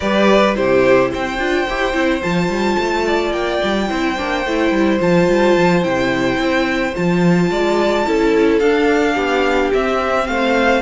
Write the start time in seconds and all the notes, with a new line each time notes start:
0.00 G3 G4 B4 D5
0.54 C3 E4 G4 C5
1.11 C4 C5 G5
1.38 D4 F4
1.69 E4 G4
1.93 C4 E4
2.22 F3 F4 A5
2.48 G3
2.78 A3
3.06 D5
3.31 A#3 G5
3.63 G3
3.88 C4 E4 C5
4.17 A#3 D4
4.45 A3 E4
4.71 G3
5.00 F3 F4 A5
5.29 G3
5.56 F3
5.82 C3 E4 G5
6.37 C4
6.94 F3 F4 A5
7.50 G#3 D5
8.05 C#4 E4 A4
8.59 D4 F5
9.14 B3 G4
9.73 C4 E5
10.27 A3 C5 F5